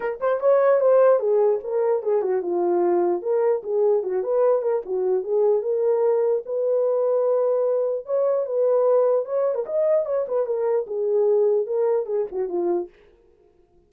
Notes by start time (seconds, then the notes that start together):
0.00 A#4
0.20 C5
0.40 C#5
0.80 C5
1.19 G#4
1.63 A#4
2.02 G#4
2.21 F#4
2.42 F4
3.21 A#4
3.63 G#4
4.03 F#4
4.23 B4
4.62 A#4
4.85 F#4
5.23 G#4
5.62 A#4
6.45 B4
8.05 C#5
8.45 B4
9.25 C#5
9.55 A#4
9.66 D#5
10.05 C#5
10.28 B4
10.46 A#4
10.86 G#4
11.66 A#4
12.06 G#4
12.31 F#4
12.48 F4